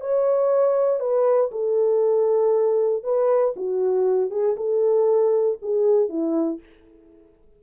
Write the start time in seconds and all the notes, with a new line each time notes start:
0.00 C#5
0.99 B4
1.51 A4
3.03 B4
3.56 F#4
4.30 G#4
4.56 A4
5.62 G#4
6.08 E4